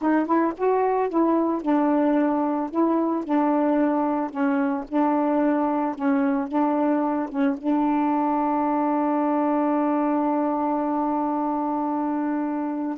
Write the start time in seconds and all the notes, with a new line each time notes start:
0.01 D#4
0.26 E4
0.57 F#4
1.09 E4
1.62 D4
2.70 E4
3.24 D4
4.30 C#4
4.88 D4
5.95 C#4
6.47 D4
7.29 C#4
7.57 D4